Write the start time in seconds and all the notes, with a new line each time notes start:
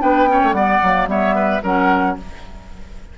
0.00 B3 D4 B4 G5
0.27 C#4 C#5
0.43 A3
0.52 G3 B3 D5 F#5
0.83 F#3 A#3
1.07 G3 B3 C#5 E5
1.35 B4
1.63 F#3 C#4 A#4 F#5